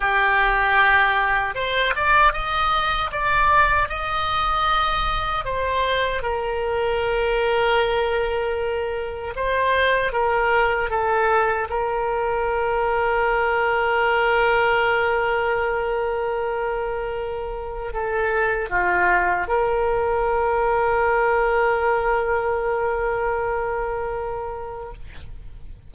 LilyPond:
\new Staff \with { instrumentName = "oboe" } { \time 4/4 \tempo 4 = 77 g'2 c''8 d''8 dis''4 | d''4 dis''2 c''4 | ais'1 | c''4 ais'4 a'4 ais'4~ |
ais'1~ | ais'2. a'4 | f'4 ais'2.~ | ais'1 | }